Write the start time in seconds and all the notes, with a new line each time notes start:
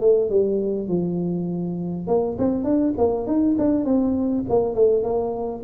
0.00 A3
0.29 G3
0.88 F3
2.07 A#3
2.38 C4
2.64 D4
2.97 A#3
3.26 D#4
3.58 D4
3.84 C4
4.49 A#3
4.74 A3
5.03 A#3